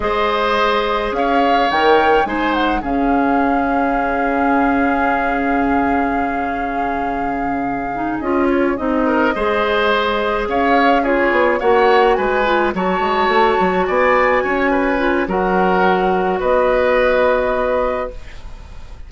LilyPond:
<<
  \new Staff \with { instrumentName = "flute" } { \time 4/4 \tempo 4 = 106 dis''2 f''4 g''4 | gis''8 fis''8 f''2.~ | f''1~ | f''2~ f''8 dis''8 cis''8 dis''8~ |
dis''2~ dis''8 f''4 cis''8~ | cis''8 fis''4 gis''4 a''4.~ | a''8 gis''2~ gis''8 fis''4~ | fis''4 dis''2. | }
  \new Staff \with { instrumentName = "oboe" } { \time 4/4 c''2 cis''2 | c''4 gis'2.~ | gis'1~ | gis'1 |
ais'8 c''2 cis''4 gis'8~ | gis'8 cis''4 b'4 cis''4.~ | cis''8 d''4 cis''8 b'4 ais'4~ | ais'4 b'2. | }
  \new Staff \with { instrumentName = "clarinet" } { \time 4/4 gis'2. ais'4 | dis'4 cis'2.~ | cis'1~ | cis'2 dis'8 f'4 dis'8~ |
dis'8 gis'2. f'8~ | f'8 fis'4. f'8 fis'4.~ | fis'2~ fis'8 f'8 fis'4~ | fis'1 | }
  \new Staff \with { instrumentName = "bassoon" } { \time 4/4 gis2 cis'4 dis4 | gis4 cis2.~ | cis1~ | cis2~ cis8 cis'4 c'8~ |
c'8 gis2 cis'4. | b8 ais4 gis4 fis8 gis8 a8 | fis8 b4 cis'4. fis4~ | fis4 b2. | }
>>